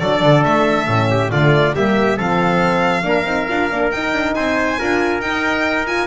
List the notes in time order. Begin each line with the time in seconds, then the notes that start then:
0.00 F#3 D4 A4 D5
0.22 D3
0.44 A3 E5
0.87 A2 C#4
1.11 G4
1.31 D3 A3 F4 D5
1.75 G3 A#3 G4 E5
2.17 F3 C4 A4 F5
3.03 A#3 D4 A#4
3.24 C4 D#4
3.48 D4 F4
3.70 A#3 D4
3.91 D#4 G5
4.13 D4
4.35 C4 C5 G#5
4.79 D4 F4 A#4
5.21 D#4 G5
5.86 F4 G#5